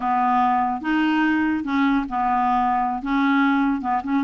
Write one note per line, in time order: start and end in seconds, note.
0.00 0.81 B3
0.81 1.63 D#4
1.63 2.05 C#4
2.09 3.02 B3
3.02 3.81 C#4
3.81 4.01 B3
4.03 4.24 C#4